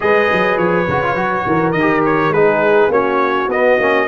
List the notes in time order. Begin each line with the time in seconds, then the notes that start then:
0.00 G#3 G#4 B4 D#5
0.32 F#3
0.57 F3 C#5
0.87 C#3 F#4
1.03 F4
1.14 F#3 F#4
1.46 E3 A#4
1.71 D#3 D#5
1.79 G4
2.05 C#5
2.29 G#3 D#4 G#4 B4
2.88 A#3 C#4 F#4 C#5
3.48 B3 D#5
3.79 A#3 C#4